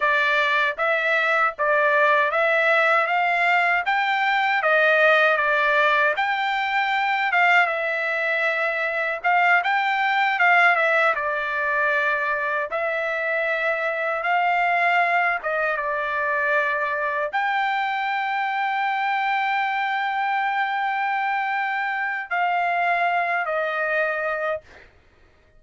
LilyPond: \new Staff \with { instrumentName = "trumpet" } { \time 4/4 \tempo 4 = 78 d''4 e''4 d''4 e''4 | f''4 g''4 dis''4 d''4 | g''4. f''8 e''2 | f''8 g''4 f''8 e''8 d''4.~ |
d''8 e''2 f''4. | dis''8 d''2 g''4.~ | g''1~ | g''4 f''4. dis''4. | }